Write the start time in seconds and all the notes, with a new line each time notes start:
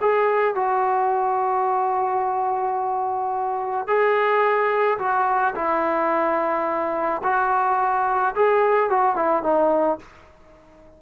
0.00 G#4
0.54 F#4
3.87 G#4
4.98 F#4
5.55 E4
7.23 F#4
8.35 G#4
8.89 F#4
9.15 E4
9.43 D#4